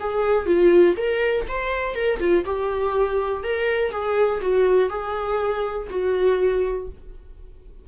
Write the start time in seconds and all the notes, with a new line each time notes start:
0.00 G#4
0.46 F4
0.97 A#4
1.48 C5
1.95 A#4
2.20 F4
2.45 G4
3.43 A#4
3.91 G#4
4.41 F#4
4.89 G#4
5.90 F#4